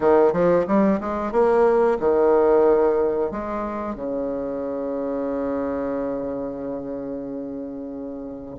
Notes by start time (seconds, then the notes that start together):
0.00 D#3
0.32 F3
0.67 G3
1.00 G#3
1.32 A#3
1.99 D#3
3.31 G#3
3.95 C#3